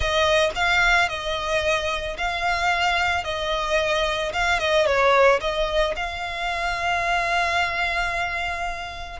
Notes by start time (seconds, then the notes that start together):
0.00 D#5
0.55 F5
1.08 D#5
2.17 F5
3.24 D#5
4.32 F5
4.59 D#5
4.86 C#5
5.40 D#5
5.96 F5